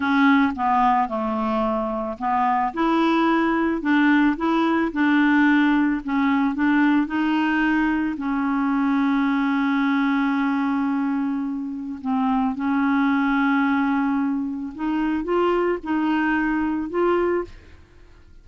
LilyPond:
\new Staff \with { instrumentName = "clarinet" } { \time 4/4 \tempo 4 = 110 cis'4 b4 a2 | b4 e'2 d'4 | e'4 d'2 cis'4 | d'4 dis'2 cis'4~ |
cis'1~ | cis'2 c'4 cis'4~ | cis'2. dis'4 | f'4 dis'2 f'4 | }